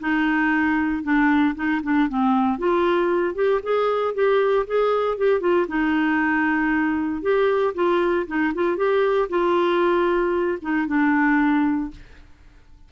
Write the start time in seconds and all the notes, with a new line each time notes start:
0.00 D#4
1.03 D4
1.55 D#4
1.83 D4
2.09 C4
2.59 F4
3.35 G4
3.63 G#4
4.14 G4
4.67 G#4
5.18 G4
5.41 F4
5.68 D#4
7.22 G4
7.74 F4
8.27 D#4
8.54 F4
8.77 G4
9.29 F4
10.62 D#4
10.87 D4